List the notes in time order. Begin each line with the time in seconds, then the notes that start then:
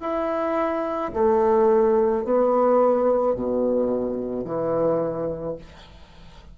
0.00 E4
1.13 A3
2.24 B3
3.35 B2
4.45 E3